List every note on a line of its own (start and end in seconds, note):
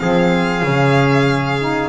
0.00 0.64 F3
0.00 0.65 C4
0.00 1.90 G#4
0.00 1.90 F5
0.64 1.90 C#3
0.64 1.60 C#4
1.60 1.90 D#4